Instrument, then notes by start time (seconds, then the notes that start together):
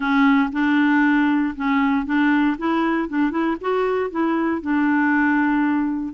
clarinet
0.00 C#4
0.52 D4
1.56 C#4
2.05 D4
2.58 E4
3.08 D4
3.30 E4
3.60 F#4
4.10 E4
4.61 D4